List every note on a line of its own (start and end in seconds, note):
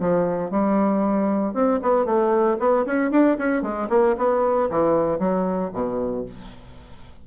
0.00 0.51 F3
0.51 1.54 G3
1.54 1.80 C4
1.82 2.05 B3
2.05 2.58 A3
2.59 2.85 B3
2.86 3.11 C#4
3.11 3.37 D4
3.38 3.62 C#4
3.62 3.88 G#3
3.89 4.15 A#3
4.18 4.70 B3
4.70 5.19 E3
5.19 5.71 F#3
5.73 6.25 B2